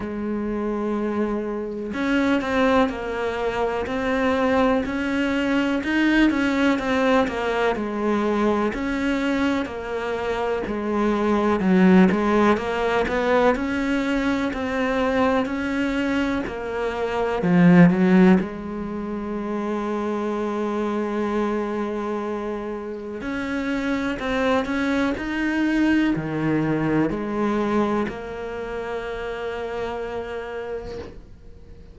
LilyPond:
\new Staff \with { instrumentName = "cello" } { \time 4/4 \tempo 4 = 62 gis2 cis'8 c'8 ais4 | c'4 cis'4 dis'8 cis'8 c'8 ais8 | gis4 cis'4 ais4 gis4 | fis8 gis8 ais8 b8 cis'4 c'4 |
cis'4 ais4 f8 fis8 gis4~ | gis1 | cis'4 c'8 cis'8 dis'4 dis4 | gis4 ais2. | }